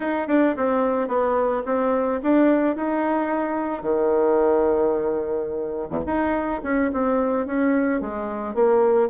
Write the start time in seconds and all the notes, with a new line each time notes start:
0.00 D#4
0.27 D4
0.56 C4
1.07 B3
1.65 C4
2.22 D4
2.75 D#4
3.81 D#3
5.90 E2
6.06 D#4
6.63 C#4
6.93 C4
7.46 C#4
8.00 G#3
8.54 A#3